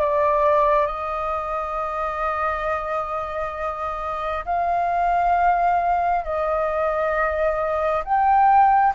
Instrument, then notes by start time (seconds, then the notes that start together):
flute
0.00 D5
0.86 D#5
4.45 F5
6.24 D#5
8.04 G5